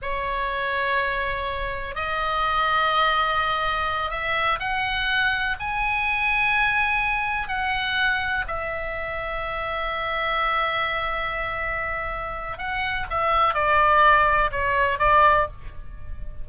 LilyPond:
\new Staff \with { instrumentName = "oboe" } { \time 4/4 \tempo 4 = 124 cis''1 | dis''1~ | dis''8 e''4 fis''2 gis''8~ | gis''2.~ gis''8 fis''8~ |
fis''4. e''2~ e''8~ | e''1~ | e''2 fis''4 e''4 | d''2 cis''4 d''4 | }